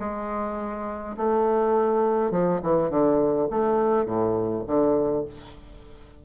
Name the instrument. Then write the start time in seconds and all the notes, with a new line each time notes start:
bassoon
0.00 G#3
1.18 A3
2.31 F3
2.63 E3
2.90 D3
3.51 A3
4.06 A2
4.67 D3